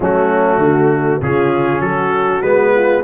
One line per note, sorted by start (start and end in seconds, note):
0.00 0.58 F#3
0.00 1.21 A3
0.00 0.59 C#4
0.00 1.21 F#4
0.58 1.19 D3
0.58 1.22 F#4
1.21 1.79 C#3
1.21 2.43 C#4
1.21 1.82 F4
1.21 1.81 G#4
1.79 2.40 F#3
1.79 2.73 F#4
1.79 2.41 A4
2.42 3.02 G#3
2.42 3.03 B3
2.42 3.02 B4
2.74 3.04 F4